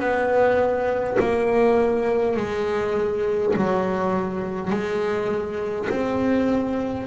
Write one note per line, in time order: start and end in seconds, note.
0.00 1.18 B3
1.20 2.37 A#3
2.37 3.55 G#3
3.56 4.71 F#3
4.71 5.89 G#3
5.90 7.07 C4